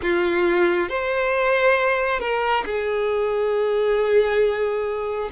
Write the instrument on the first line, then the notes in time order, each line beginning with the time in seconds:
violin
0.02 F4
0.89 C5
2.19 A#4
2.65 G#4